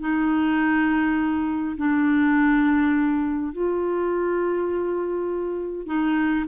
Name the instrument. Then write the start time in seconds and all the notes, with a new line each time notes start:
clarinet
0.00 D#4
1.77 D4
3.53 F4
5.87 D#4